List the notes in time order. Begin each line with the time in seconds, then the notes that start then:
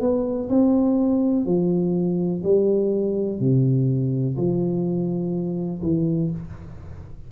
0.00 B3
0.49 C4
1.45 F3
2.43 G3
3.39 C3
4.36 F3
5.82 E3